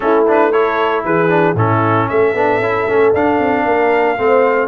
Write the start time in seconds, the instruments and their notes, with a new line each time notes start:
0.00 tuba A3, trombone C#4, horn E4, trumpet A4
0.27 trombone D4, trumpet B4
0.51 trombone E4, horn A4, trumpet C#5
1.04 tuba E3, horn G#4, trumpet B4
1.28 trombone D4
1.54 tuba A2, trombone C#4, horn E4, trumpet A4
2.08 tuba A3, horn A4, trumpet E5
2.33 tuba B3, trombone D4
2.59 tuba C#4, trombone E4
2.87 tuba A3, trombone C#4
3.13 tuba D4, trombone D4, trumpet F5
3.39 tuba C4
3.65 tuba A#3, horn A#4
4.17 tuba A3, trombone C4, horn C5